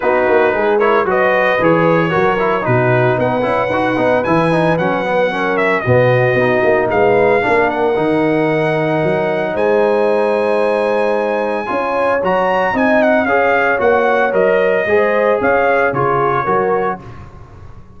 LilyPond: <<
  \new Staff \with { instrumentName = "trumpet" } { \time 4/4 \tempo 4 = 113 b'4. cis''8 dis''4 cis''4~ | cis''4 b'4 fis''2 | gis''4 fis''4. e''8 dis''4~ | dis''4 f''4. fis''4.~ |
fis''2 gis''2~ | gis''2. ais''4 | gis''8 fis''8 f''4 fis''4 dis''4~ | dis''4 f''4 cis''2 | }
  \new Staff \with { instrumentName = "horn" } { \time 4/4 fis'4 gis'8 ais'8 b'2 | ais'4 fis'4 b'2~ | b'2 ais'4 fis'4~ | fis'4 b'4 ais'2~ |
ais'2 c''2~ | c''2 cis''2 | dis''4 cis''2. | c''4 cis''4 gis'4 ais'4 | }
  \new Staff \with { instrumentName = "trombone" } { \time 4/4 dis'4. e'8 fis'4 gis'4 | fis'8 e'8 dis'4. e'8 fis'8 dis'8 | e'8 dis'8 cis'8 b8 cis'4 b4 | dis'2 d'4 dis'4~ |
dis'1~ | dis'2 f'4 fis'4 | dis'4 gis'4 fis'4 ais'4 | gis'2 f'4 fis'4 | }
  \new Staff \with { instrumentName = "tuba" } { \time 4/4 b8 ais8 gis4 fis4 e4 | fis4 b,4 b8 cis'8 dis'8 b8 | e4 fis2 b,4 | b8 ais8 gis4 ais4 dis4~ |
dis4 fis4 gis2~ | gis2 cis'4 fis4 | c'4 cis'4 ais4 fis4 | gis4 cis'4 cis4 fis4 | }
>>